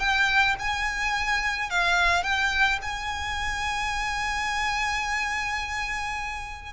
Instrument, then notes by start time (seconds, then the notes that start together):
violin
0.00 G5
0.60 G#5
1.70 F5
2.23 G5
2.82 G#5